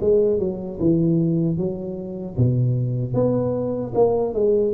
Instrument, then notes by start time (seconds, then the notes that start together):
tuba
0.00 G#3
0.38 F#3
0.79 E3
1.57 F#3
2.36 B2
3.14 B3
3.94 A#3
4.33 G#3